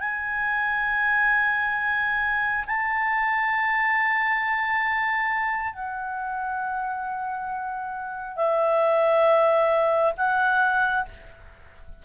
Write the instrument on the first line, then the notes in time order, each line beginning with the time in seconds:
clarinet
0.00 G#5
2.66 A5
5.73 F#5
8.36 E5
10.17 F#5